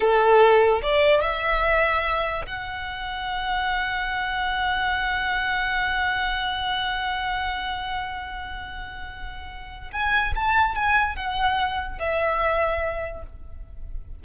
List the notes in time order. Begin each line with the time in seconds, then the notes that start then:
0.00 A4
0.82 D5
1.21 E5
2.45 F#5
9.92 G#5
10.35 A5
10.75 G#5
11.16 F#5
11.98 E5